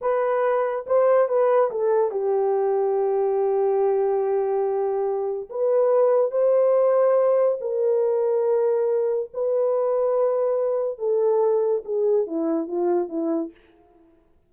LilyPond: \new Staff \with { instrumentName = "horn" } { \time 4/4 \tempo 4 = 142 b'2 c''4 b'4 | a'4 g'2.~ | g'1~ | g'4 b'2 c''4~ |
c''2 ais'2~ | ais'2 b'2~ | b'2 a'2 | gis'4 e'4 f'4 e'4 | }